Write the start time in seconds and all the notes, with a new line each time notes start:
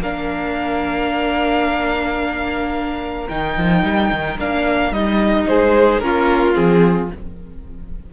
0.00 A#3 D4 A#4 F5
3.28 D#3 D#4 G5
3.57 F3
3.83 G3
4.11 D#3
4.38 A#3 D4 F5
4.91 G3 D#4 D#5
5.47 G#3 G#4 C5
5.99 A#3 C#4 F4 A#4
6.54 F3 C4 G#4